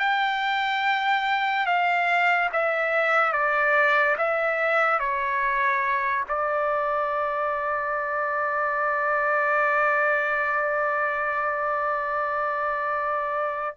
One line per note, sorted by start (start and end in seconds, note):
0.00 1.67 G5
1.67 2.50 F5
2.53 3.33 E5
3.33 4.16 D5
4.18 5.00 E5
5.00 6.25 C#5
6.29 13.77 D5